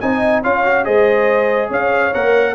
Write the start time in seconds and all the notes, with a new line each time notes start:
0.00 C4 D#4 D#5 G#5
0.43 C#4 F4 C#5 F5
0.65 F#4
0.84 G#3 G#4 C5 D#5
1.69 C#4 C#5 F5
2.14 A#3 A#4 F#5